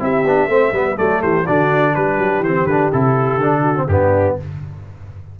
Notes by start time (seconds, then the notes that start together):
0.00 C4 E4 G4 E5
0.25 B3 D4
0.48 A3 C4 C5
0.73 G3 B3 B4
0.96 F#3 A3 A4 D5
1.22 E3 G4 C5
1.45 D3 D4 F#4 D5
1.94 G3 G4 B4
2.18 F#3
2.40 E3 C4 C5
2.66 D3 D4 B4
2.93 C3 E4 A4
3.38 D3 D4
3.62 F#4
3.76 C4
3.88 G2 B3 D4 G4